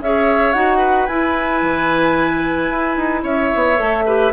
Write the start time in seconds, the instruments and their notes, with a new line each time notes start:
0.00 bassoon C#4, clarinet G#4, oboe C#5, flute E5
0.52 bassoon D#4, clarinet F#4, flute F#5
0.78 oboe B4
1.06 bassoon E4, clarinet E4, flute G#5
1.61 bassoon E3
2.69 bassoon E4
2.96 bassoon D#4
3.23 bassoon C#4, oboe C#5, flute E5
3.54 bassoon B3
3.77 bassoon A3, clarinet A4
4.06 clarinet G4, oboe B4